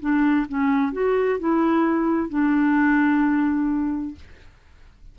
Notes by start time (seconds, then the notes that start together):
0.00 D4
0.48 C#4
0.92 F#4
1.39 E4
2.29 D4